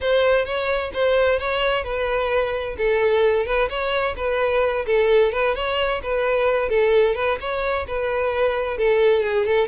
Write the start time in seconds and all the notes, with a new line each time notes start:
0.00 C5
0.45 C#5
0.93 C5
1.39 C#5
1.83 B4
2.77 A4
3.46 B4
3.69 C#5
4.16 B4
4.86 A4
5.32 B4
5.55 C#5
6.02 B4
6.69 A4
7.15 B4
7.40 C#5
7.87 B4
8.77 A4
9.23 G#4
9.46 A4